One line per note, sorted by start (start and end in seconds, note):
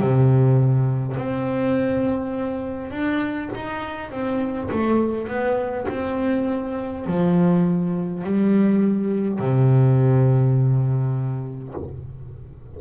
0.00 1.18 C3
1.18 2.91 C4
2.91 3.50 D4
3.56 4.11 D#4
4.11 4.70 C4
4.71 5.28 A3
5.28 5.87 B3
5.89 7.06 C4
7.06 8.24 F3
8.24 9.40 G3
9.40 11.75 C3